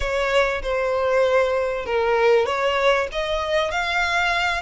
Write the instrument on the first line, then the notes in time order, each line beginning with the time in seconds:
violin
0.00 C#5
0.62 C5
1.85 A#4
2.45 C#5
3.12 D#5
3.71 F5